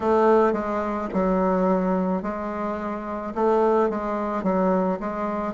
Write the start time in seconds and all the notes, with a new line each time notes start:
0.00 A3
0.53 G#3
1.13 F#3
2.22 G#3
3.34 A3
3.89 G#3
4.43 F#3
4.99 G#3